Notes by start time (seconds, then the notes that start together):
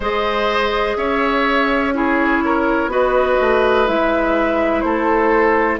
0.00 G#3 G#4 C5 D#5
0.96 C#4 C#5 E5
1.94 E4 G#4 C#5
2.44 A#4
2.86 B3 F#4 B4 D#5
3.40 A3
3.86 G#3 E4 E5
4.80 A3 A4 C5